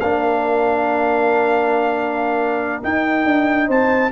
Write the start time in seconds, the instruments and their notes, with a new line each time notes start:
0.00 tuba A#3, trombone D4, horn A#4, trumpet F5
2.83 trombone D#4, tuba D#4, trumpet G5
3.26 tuba D4
3.68 tuba C4, horn C5, trumpet A5